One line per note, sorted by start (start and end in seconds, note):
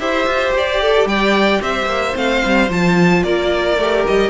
0.00 0.27 E4
0.00 2.14 G4
0.00 0.81 C5
0.00 0.54 E5
0.27 0.53 F4
0.53 1.06 G4
0.53 1.08 D5
0.81 1.08 A4
1.06 1.60 G3
1.06 1.61 D5
1.06 1.62 G5
1.61 1.86 C4
1.61 3.24 C5
1.61 2.16 E5
1.86 2.13 A#3
2.14 2.43 A3
2.14 2.68 C4
2.14 2.71 F5
2.45 2.69 G3
2.69 3.24 F3
2.69 3.78 F4
2.69 3.23 A5
3.23 3.78 A#3
3.23 4.30 A#4
3.23 4.04 D5
3.78 4.05 A3
3.78 4.30 G4
4.07 4.30 G3
4.07 4.30 D#5